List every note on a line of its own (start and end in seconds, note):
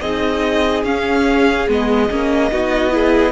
0.00 0.83 C4
0.00 0.85 D#4
0.00 2.51 G#4
0.00 0.83 D#5
0.83 1.66 C#4
0.83 1.68 C#4
0.83 1.68 F5
1.68 2.10 G#3
1.68 2.10 B3
1.68 3.31 D#5
2.10 2.51 A#3
2.10 2.51 C#4
2.51 3.31 B3
2.51 2.90 D#4
2.51 2.93 F#4
2.90 3.31 E4
2.90 3.31 G#4